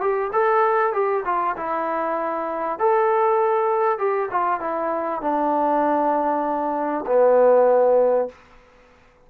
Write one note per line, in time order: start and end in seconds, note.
0.00 0.31 G4
0.32 0.93 A4
0.93 1.23 G4
1.25 1.55 F4
1.56 2.79 E4
2.79 3.98 A4
3.98 4.29 G4
4.31 4.60 F4
4.60 5.21 E4
5.21 7.05 D4
7.06 8.28 B3